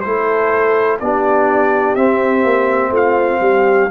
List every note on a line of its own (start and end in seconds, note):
0.00 1.01 A3
0.00 1.00 E4
0.00 1.00 A4
0.00 0.97 C5
0.99 1.95 B3
0.99 1.96 D4
0.99 2.91 G4
0.99 1.95 D5
1.95 2.44 C4
1.95 3.90 C4
1.95 2.92 E5
2.44 2.90 A#3
2.90 3.38 A3
2.90 3.40 F4
2.90 3.90 F5
3.40 3.88 G3
3.40 3.90 G4